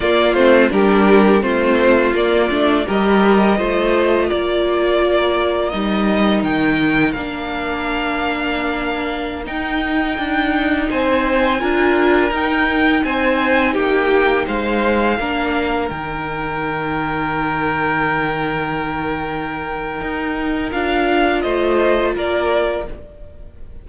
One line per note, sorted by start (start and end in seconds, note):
0.00 0.34 A#3
0.00 0.35 A#3
0.00 0.72 F4
0.00 0.33 D5
0.33 0.69 A3
0.33 0.69 C4
0.33 0.69 C5
0.69 1.42 G3
0.69 1.41 D4
0.69 1.43 G4
0.69 1.42 A#4
1.41 2.13 A3
1.41 2.12 C4
1.41 2.85 F4
1.41 2.13 C5
2.13 2.48 A#3
2.13 2.50 A#3
2.13 2.87 D5
2.50 2.86 A3
2.50 2.85 D4
2.85 3.59 G3
2.85 3.57 G4
2.85 3.57 A#4
2.85 4.29 D#5
3.57 4.31 A3
3.57 5.71 F4
3.57 4.28 C5
4.28 5.72 A#3
4.28 10.88 A#4
4.28 5.69 D5
5.69 6.42 G3
5.69 7.14 D#4
5.69 6.40 D#5
6.42 7.14 D#3
6.42 7.12 G5
7.12 9.46 A#3
7.12 9.44 D4
7.12 9.44 F5
9.44 11.58 D#4
9.44 10.18 D#4
9.44 10.89 G5
10.18 10.89 D4
10.89 11.62 C4
10.89 11.60 C5
10.89 12.32 G#5
11.60 12.31 D4
11.60 12.31 F4
11.60 13.03 A#4
12.31 13.02 D#4
12.31 15.18 D#4
12.31 13.04 G5
13.03 13.75 C4
13.03 13.73 C5
13.03 13.74 G#5
13.73 14.46 A#3
13.73 14.44 G4
13.73 14.45 G5
14.46 15.18 G#3
14.46 15.17 C5
14.46 15.89 F5
15.18 15.90 A#3
15.18 15.91 D4
15.18 21.43 A#4
15.89 20.00 D#3
15.89 20.71 D#4
15.89 20.71 G5
20.00 20.72 D#4
20.71 21.44 D4
20.71 22.86 F4
20.71 21.41 F5
21.41 22.15 A3
21.41 22.14 C5
21.41 22.13 D#5
22.15 22.87 A#3
22.15 22.86 A#4
22.15 22.89 D5